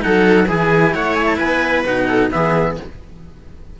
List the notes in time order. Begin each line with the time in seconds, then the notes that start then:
0.00 F#3 D#4 A4 F#5
0.48 E3 E4 G#4 G#5
0.94 A3 C#5 F#5
1.14 G#5
1.26 A5
1.37 B3 B4 G#5
1.85 B2 D#4 F#5
2.08 A4
2.31 E3 B3 G#4 E5